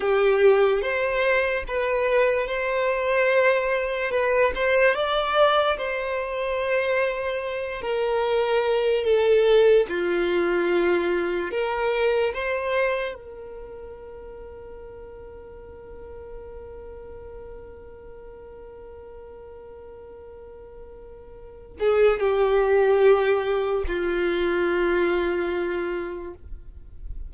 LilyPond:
\new Staff \with { instrumentName = "violin" } { \time 4/4 \tempo 4 = 73 g'4 c''4 b'4 c''4~ | c''4 b'8 c''8 d''4 c''4~ | c''4. ais'4. a'4 | f'2 ais'4 c''4 |
ais'1~ | ais'1~ | ais'2~ ais'8 gis'8 g'4~ | g'4 f'2. | }